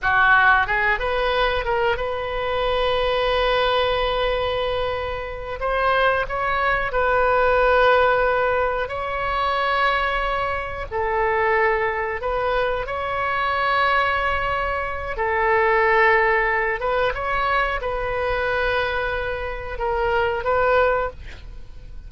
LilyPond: \new Staff \with { instrumentName = "oboe" } { \time 4/4 \tempo 4 = 91 fis'4 gis'8 b'4 ais'8 b'4~ | b'1~ | b'8 c''4 cis''4 b'4.~ | b'4. cis''2~ cis''8~ |
cis''8 a'2 b'4 cis''8~ | cis''2. a'4~ | a'4. b'8 cis''4 b'4~ | b'2 ais'4 b'4 | }